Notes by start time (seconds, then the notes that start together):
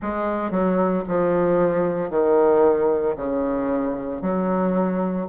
0.01 G#3
0.50 F#3
1.08 F3
2.10 D#3
3.16 C#3
4.21 F#3